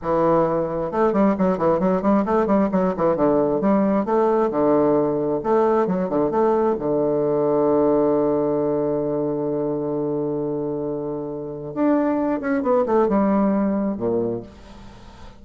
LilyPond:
\new Staff \with { instrumentName = "bassoon" } { \time 4/4 \tempo 4 = 133 e2 a8 g8 fis8 e8 | fis8 g8 a8 g8 fis8 e8 d4 | g4 a4 d2 | a4 fis8 d8 a4 d4~ |
d1~ | d1~ | d2 d'4. cis'8 | b8 a8 g2 ais,4 | }